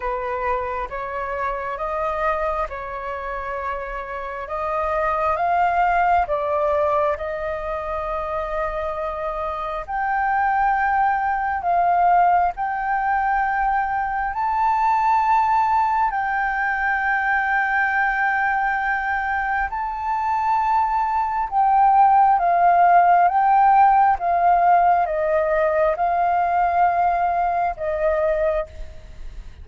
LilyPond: \new Staff \with { instrumentName = "flute" } { \time 4/4 \tempo 4 = 67 b'4 cis''4 dis''4 cis''4~ | cis''4 dis''4 f''4 d''4 | dis''2. g''4~ | g''4 f''4 g''2 |
a''2 g''2~ | g''2 a''2 | g''4 f''4 g''4 f''4 | dis''4 f''2 dis''4 | }